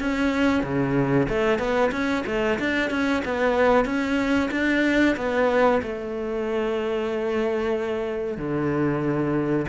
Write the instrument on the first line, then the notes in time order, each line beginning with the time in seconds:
cello
0.00 C#4
0.63 C#3
1.29 A3
1.59 B3
1.92 C#4
2.27 A3
2.59 D4
2.91 C#4
3.25 B3
3.85 C#4
4.51 D4
5.17 B3
5.82 A3
8.38 D3